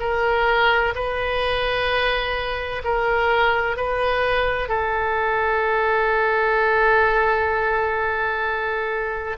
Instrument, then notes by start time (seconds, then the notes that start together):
oboe
0.00 A#4
0.95 B4
2.84 A#4
3.77 B4
4.68 A4